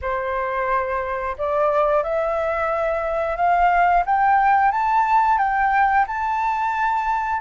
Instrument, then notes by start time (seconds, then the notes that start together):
flute
0.01 C5
1.38 D5
2.03 E5
3.36 F5
4.05 G5
4.71 A5
5.38 G5
6.07 A5